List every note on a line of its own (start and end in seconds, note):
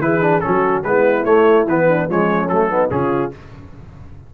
0.00 0.41 E3
0.00 0.22 E4
0.00 0.45 G#4
0.00 0.41 B4
0.22 0.42 D4
0.41 0.84 F#3
0.41 0.84 C#4
0.41 0.87 F#4
0.41 0.82 A4
0.84 1.25 G#3
0.84 1.25 B3
0.84 1.89 E4
0.84 1.25 B4
1.25 1.67 A3
1.25 1.66 C#5
1.67 2.08 E3
1.67 2.10 B3
1.67 2.10 B4
1.89 2.09 D4
2.09 2.50 F3
2.09 2.51 G#3
2.09 2.70 C#4
2.09 2.49 C#5
2.49 2.91 F#3
2.49 2.70 A3
2.49 2.90 A4
2.70 2.90 B3
2.70 2.91 D#4
2.90 3.33 C#3
2.90 3.32 C#4
2.90 3.34 F4
2.90 3.32 G#4